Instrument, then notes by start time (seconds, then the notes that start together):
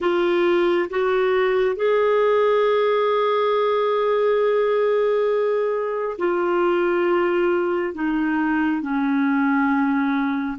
clarinet
0.00 F4
0.90 F#4
1.76 G#4
6.18 F4
7.94 D#4
8.81 C#4